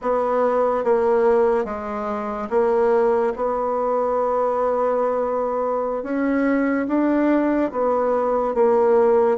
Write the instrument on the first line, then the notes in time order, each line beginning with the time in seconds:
bassoon
0.02 B3
0.84 A#3
1.64 G#3
2.50 A#3
3.36 B3
6.03 C#4
6.87 D4
7.71 B3
8.54 A#3